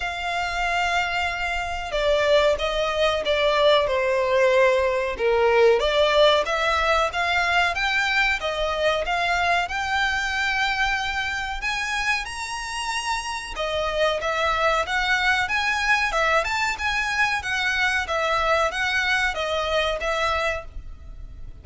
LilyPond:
\new Staff \with { instrumentName = "violin" } { \time 4/4 \tempo 4 = 93 f''2. d''4 | dis''4 d''4 c''2 | ais'4 d''4 e''4 f''4 | g''4 dis''4 f''4 g''4~ |
g''2 gis''4 ais''4~ | ais''4 dis''4 e''4 fis''4 | gis''4 e''8 a''8 gis''4 fis''4 | e''4 fis''4 dis''4 e''4 | }